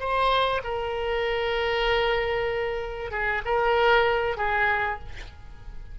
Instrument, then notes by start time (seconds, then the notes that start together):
oboe
0.00 C5
0.64 A#4
3.11 G#4
3.45 A#4
4.37 G#4